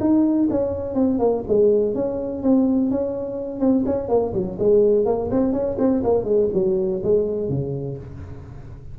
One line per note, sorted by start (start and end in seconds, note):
0.00 0.48 D#4
0.50 0.95 C#4
0.95 1.19 C4
1.19 1.43 A#3
1.48 1.94 G#3
1.94 2.43 C#4
2.43 2.91 C4
2.91 3.60 C#4
3.60 3.84 C4
3.86 4.09 C#4
4.09 4.33 A#3
4.34 4.58 F#3
4.59 5.05 G#3
5.05 5.30 A#3
5.31 5.53 C4
5.53 5.77 C#4
5.78 6.03 C4
6.04 6.24 A#3
6.24 6.48 G#3
6.53 7.02 F#3
7.03 7.49 G#3
7.49 7.98 C#3